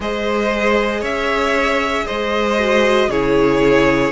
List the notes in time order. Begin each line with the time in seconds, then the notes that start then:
0.00 G#3 G#4 C5 D#5
1.00 C#4 C#5 E5
2.06 G#3 C5 D#5
2.58 F#4
3.08 C#3 E4 G#4 C#5